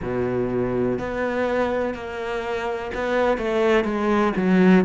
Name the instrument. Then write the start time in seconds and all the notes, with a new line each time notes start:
cello
0.02 B2
0.99 B3
1.94 A#3
2.94 B3
3.37 A3
3.84 G#3
4.36 F#3